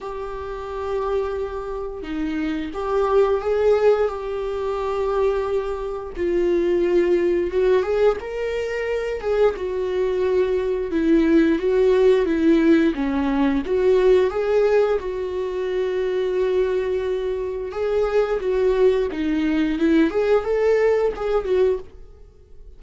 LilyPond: \new Staff \with { instrumentName = "viola" } { \time 4/4 \tempo 4 = 88 g'2. dis'4 | g'4 gis'4 g'2~ | g'4 f'2 fis'8 gis'8 | ais'4. gis'8 fis'2 |
e'4 fis'4 e'4 cis'4 | fis'4 gis'4 fis'2~ | fis'2 gis'4 fis'4 | dis'4 e'8 gis'8 a'4 gis'8 fis'8 | }